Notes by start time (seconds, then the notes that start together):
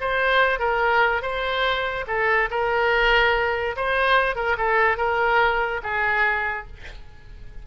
0.00 C5
0.59 A#4
1.22 C5
2.07 A4
2.50 A#4
3.76 C5
4.35 A#4
4.57 A4
4.97 A#4
5.83 G#4